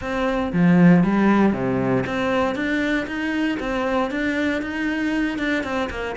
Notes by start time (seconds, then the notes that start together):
0.01 C4
0.52 F3
1.03 G3
1.52 C3
2.06 C4
2.55 D4
3.07 D#4
3.59 C4
4.10 D4
4.62 D#4
5.38 D4
5.63 C4
5.90 A#3